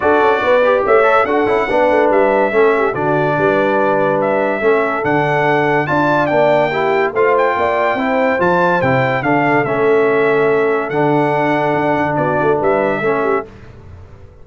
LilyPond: <<
  \new Staff \with { instrumentName = "trumpet" } { \time 4/4 \tempo 4 = 143 d''2 e''4 fis''4~ | fis''4 e''2 d''4~ | d''2 e''2 | fis''2 a''4 g''4~ |
g''4 f''8 g''2~ g''8 | a''4 g''4 f''4 e''4~ | e''2 fis''2~ | fis''4 d''4 e''2 | }
  \new Staff \with { instrumentName = "horn" } { \time 4/4 a'4 b'4 cis''4 a'4 | b'2 a'8 g'8 fis'4 | b'2. a'4~ | a'2 d''2 |
g'4 c''4 d''4 c''4~ | c''2 a'2~ | a'1~ | a'4 fis'4 b'4 a'8 g'8 | }
  \new Staff \with { instrumentName = "trombone" } { \time 4/4 fis'4. g'4 a'8 fis'8 e'8 | d'2 cis'4 d'4~ | d'2. cis'4 | d'2 f'4 d'4 |
e'4 f'2 e'4 | f'4 e'4 d'4 cis'4~ | cis'2 d'2~ | d'2. cis'4 | }
  \new Staff \with { instrumentName = "tuba" } { \time 4/4 d'8 cis'8 b4 a4 d'8 cis'8 | b8 a8 g4 a4 d4 | g2. a4 | d2 d'4 ais4~ |
ais4 a4 ais4 c'4 | f4 c4 d4 a4~ | a2 d2 | d'8 d8 b8 a8 g4 a4 | }
>>